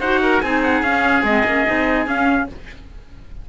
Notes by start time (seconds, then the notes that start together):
0.00 D#4 F#4 C5 F#5
0.23 A#4
0.42 C4 D#4 G#4 G#5
0.64 F#5
0.83 C#4 F5
1.23 G#3 C4 D#5
1.45 A#3 C#4
1.67 C4 D#4
2.07 C#4 F5